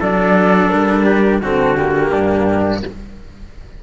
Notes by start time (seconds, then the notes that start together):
0.00 F#3 D4 A4 D5
0.70 G3 A#4
1.05 G4
1.42 D3 C4 F#4 A4
1.77 A#3 G4
2.12 G2 D4